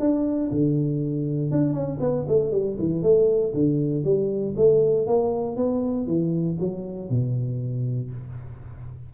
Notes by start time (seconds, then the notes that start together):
0.00 D4
0.52 D3
1.52 D4
1.74 C#4
2.01 B3
2.28 A3
2.52 G3
2.79 E3
3.03 A3
3.54 D3
4.04 G3
4.57 A3
5.07 A#3
5.57 B3
6.07 E3
6.60 F#3
7.10 B2